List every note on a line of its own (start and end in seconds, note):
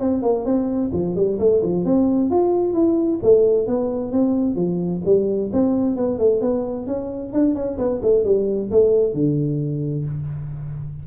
0.00 0.22 C4
0.22 0.45 A#3
0.45 0.91 C4
0.93 1.16 F3
1.16 1.39 G3
1.39 1.62 A3
1.63 1.85 F3
1.85 2.30 C4
2.30 2.74 F4
2.74 3.20 E4
3.23 3.67 A3
3.67 4.12 B3
4.12 4.56 C4
4.56 5.02 F3
5.05 5.51 G3
5.53 5.96 C4
5.96 6.19 B3
6.19 6.41 A3
6.41 6.87 B3
6.87 7.33 C#4
7.33 7.55 D4
7.55 7.78 C#4
7.78 8.01 B3
8.02 8.24 A3
8.24 8.70 G3
8.71 9.14 A3
9.14 10.05 D3